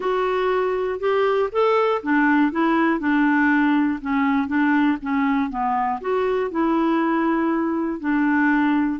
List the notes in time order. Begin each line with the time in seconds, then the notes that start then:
0.00 F#4
0.99 G4
1.51 A4
2.02 D4
2.51 E4
2.99 D4
4.01 C#4
4.47 D4
5.02 C#4
5.50 B3
6.00 F#4
6.50 E4
8.00 D4